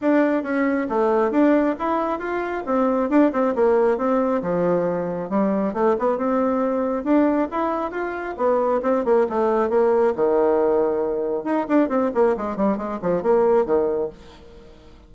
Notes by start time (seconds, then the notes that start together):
0.01 D4
0.43 C#4
0.89 A3
1.31 D4
1.78 E4
2.19 F4
2.66 C4
3.09 D4
3.32 C4
3.55 A#3
3.97 C4
4.42 F3
5.29 G3
5.73 A3
5.98 B3
6.17 C4
7.04 D4
7.51 E4
7.91 F4
8.37 B3
8.82 C4
9.04 A#3
9.29 A3
9.69 A#3
10.15 D#3
11.44 D#4
11.68 D4
11.89 C4
12.14 A#3
12.36 G#3
12.56 G3
12.77 G#3
13.01 F3
13.22 A#3
13.65 D#3